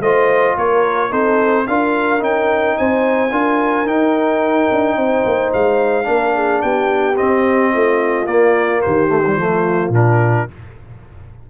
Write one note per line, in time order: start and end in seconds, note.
0.00 0.55 A3
0.00 1.10 F4
0.00 0.57 C5
0.00 0.57 D#5
0.57 1.12 A#3
0.57 1.10 A#4
0.57 1.12 C#5
1.10 1.67 C4
1.10 1.65 D#4
1.10 1.65 A4
1.10 1.67 C5
1.67 2.22 D4
1.67 2.19 F4
1.67 2.78 A#4
1.67 2.22 F5
2.19 2.77 C#4
2.19 3.29 D#4
2.19 2.78 G5
2.78 3.32 C4
2.78 3.32 C5
2.78 3.87 G#5
3.32 3.86 D4
3.32 3.86 F4
3.32 4.97 A#4
3.86 4.69 D#4
3.86 6.04 D#4
3.86 5.52 G5
4.71 4.96 D4
4.96 5.24 C4
4.96 6.07 C5
5.25 5.53 A#3
5.53 6.08 G#3
5.53 6.62 F5
6.04 6.63 A#3
6.04 7.14 D4
6.04 6.35 A#4
6.35 6.62 G#4
6.62 7.18 B3
6.62 7.72 G4
6.62 7.17 G5
7.16 8.26 C4
7.16 7.74 C4
7.16 8.26 D#5
7.72 8.26 A3
7.72 8.83 F4
8.26 8.81 A#3
8.26 9.08 A#3
8.26 8.81 D5
8.82 9.36 D#3
8.82 9.39 G4
8.82 9.92 C5
9.08 9.22 A3
9.27 9.38 G3
9.36 9.89 F3
9.36 9.93 A3
9.36 10.50 F4
9.89 10.44 A#2
9.89 10.48 D4
9.89 10.50 A#4